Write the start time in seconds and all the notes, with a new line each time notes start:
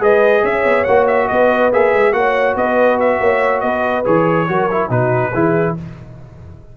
0.00 G#3 G#4 B4 D#5
0.42 C#4 C#5 E5
0.64 B3
0.84 A#3 F#4 F#5
1.07 E5
1.28 B3 B4 D#5
1.72 A#3 G#4 E5
1.93 G#3
2.12 A#3 F#4 C#5 F#5
2.55 B3 B4 D#5
3.00 E5
3.20 A#3 C#5
3.60 B3 B4 D#5
4.04 E3 G#4 C#5
4.48 F#3 F#4 A#4
4.71 E4
4.89 B2 D#4 F#4 B4
5.33 E3 E4 G#4